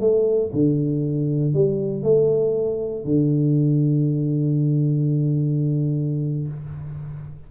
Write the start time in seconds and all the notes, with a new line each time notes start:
0.00 A3
0.53 D3
1.54 G3
2.03 A3
3.05 D3